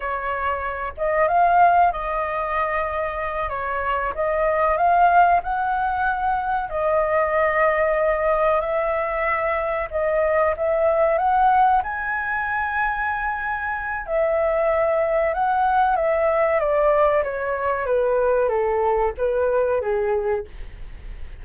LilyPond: \new Staff \with { instrumentName = "flute" } { \time 4/4 \tempo 4 = 94 cis''4. dis''8 f''4 dis''4~ | dis''4. cis''4 dis''4 f''8~ | f''8 fis''2 dis''4.~ | dis''4. e''2 dis''8~ |
dis''8 e''4 fis''4 gis''4.~ | gis''2 e''2 | fis''4 e''4 d''4 cis''4 | b'4 a'4 b'4 gis'4 | }